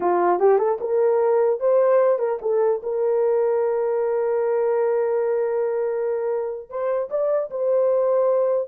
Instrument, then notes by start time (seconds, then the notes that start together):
horn
0.00 F4
0.39 G4
0.58 A4
0.80 A#4
1.59 C5
2.19 A#4
2.41 A4
2.82 A#4
6.69 C5
7.10 D5
7.50 C5